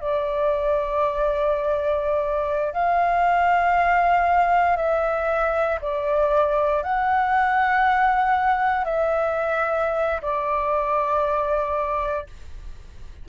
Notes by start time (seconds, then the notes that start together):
0.00 D5
2.73 F5
4.77 E5
5.81 D5
6.83 F#5
8.85 E5
10.22 D5